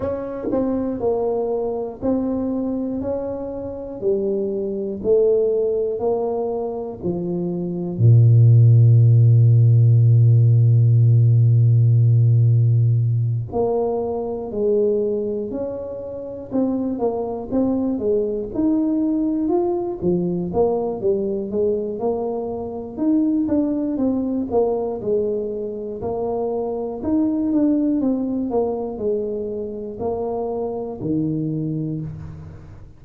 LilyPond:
\new Staff \with { instrumentName = "tuba" } { \time 4/4 \tempo 4 = 60 cis'8 c'8 ais4 c'4 cis'4 | g4 a4 ais4 f4 | ais,1~ | ais,4. ais4 gis4 cis'8~ |
cis'8 c'8 ais8 c'8 gis8 dis'4 f'8 | f8 ais8 g8 gis8 ais4 dis'8 d'8 | c'8 ais8 gis4 ais4 dis'8 d'8 | c'8 ais8 gis4 ais4 dis4 | }